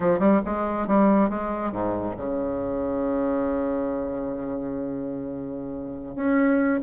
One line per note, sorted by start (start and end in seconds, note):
0.00 0.19 F3
0.19 0.40 G3
0.45 0.87 G#3
0.87 1.29 G3
1.29 1.71 G#3
1.71 2.15 G#2
2.16 6.15 C#3
6.15 6.80 C#4